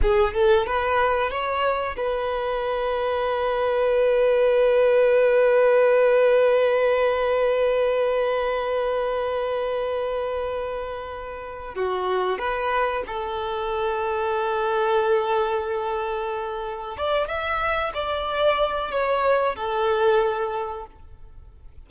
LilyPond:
\new Staff \with { instrumentName = "violin" } { \time 4/4 \tempo 4 = 92 gis'8 a'8 b'4 cis''4 b'4~ | b'1~ | b'1~ | b'1~ |
b'2 fis'4 b'4 | a'1~ | a'2 d''8 e''4 d''8~ | d''4 cis''4 a'2 | }